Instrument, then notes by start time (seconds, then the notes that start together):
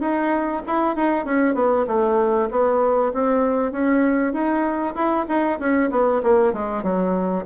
bassoon
0.00 D#4
0.66 E4
0.95 D#4
1.25 C#4
1.54 B3
1.87 A3
2.50 B3
3.13 C4
3.71 C#4
4.32 D#4
4.95 E4
5.28 D#4
5.59 C#4
5.90 B3
6.23 A#3
6.53 G#3
6.82 F#3